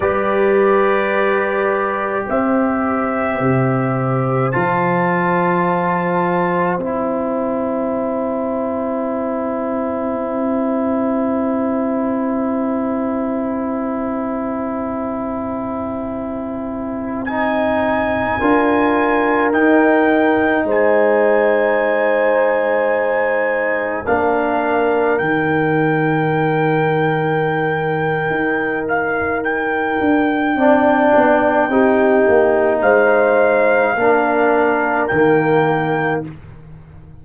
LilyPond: <<
  \new Staff \with { instrumentName = "trumpet" } { \time 4/4 \tempo 4 = 53 d''2 e''2 | a''2 g''2~ | g''1~ | g''2.~ g''16 gis''8.~ |
gis''4~ gis''16 g''4 gis''4.~ gis''16~ | gis''4~ gis''16 f''4 g''4.~ g''16~ | g''4. f''8 g''2~ | g''4 f''2 g''4 | }
  \new Staff \with { instrumentName = "horn" } { \time 4/4 b'2 c''2~ | c''1~ | c''1~ | c''1~ |
c''16 ais'2 c''4.~ c''16~ | c''4~ c''16 ais'2~ ais'8.~ | ais'2. d''4 | g'4 c''4 ais'2 | }
  \new Staff \with { instrumentName = "trombone" } { \time 4/4 g'1 | f'2 e'2~ | e'1~ | e'2.~ e'16 dis'8.~ |
dis'16 f'4 dis'2~ dis'8.~ | dis'4~ dis'16 d'4 dis'4.~ dis'16~ | dis'2. d'4 | dis'2 d'4 ais4 | }
  \new Staff \with { instrumentName = "tuba" } { \time 4/4 g2 c'4 c4 | f2 c'2~ | c'1~ | c'1~ |
c'16 d'4 dis'4 gis4.~ gis16~ | gis4~ gis16 ais4 dis4.~ dis16~ | dis4 dis'4. d'8 c'8 b8 | c'8 ais8 gis4 ais4 dis4 | }
>>